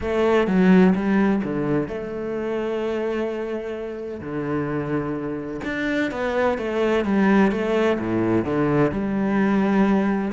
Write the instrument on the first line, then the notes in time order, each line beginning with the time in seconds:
cello
0.00 A3
0.47 F#3
0.95 G3
1.43 D3
1.87 A3
4.20 D3
5.64 D4
6.11 B3
6.58 A3
7.04 G3
7.51 A3
7.99 A2
8.44 D3
8.91 G3